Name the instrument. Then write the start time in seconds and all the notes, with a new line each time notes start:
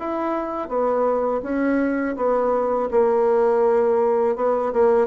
bassoon
0.00 E4
0.69 B3
1.43 C#4
2.17 B3
2.92 A#3
4.36 B3
4.73 A#3